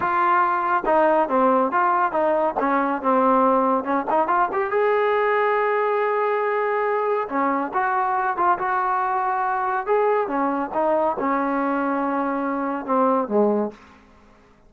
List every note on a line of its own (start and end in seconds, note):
0.00 0.83 F4
0.85 1.28 D#4
1.29 1.71 C4
1.71 2.11 F4
2.11 2.54 D#4
2.59 3.02 C#4
3.02 3.84 C4
3.84 4.05 C#4
4.10 4.27 D#4
4.27 4.48 F4
4.52 4.70 G4
4.70 7.28 G#4
7.29 7.71 C#4
7.73 8.36 F#4
8.36 8.58 F4
8.58 9.86 F#4
9.86 10.27 G#4
10.27 10.70 C#4
10.74 11.16 D#4
11.19 12.85 C#4
12.85 13.28 C4
13.28 13.70 G#3